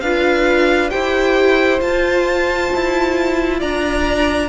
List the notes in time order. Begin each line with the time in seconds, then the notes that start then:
0.00 D4 F4 B4 F5
0.89 E4 G4 C5 G5
1.81 F4 A5
2.74 E4
3.59 D4 D5 A#5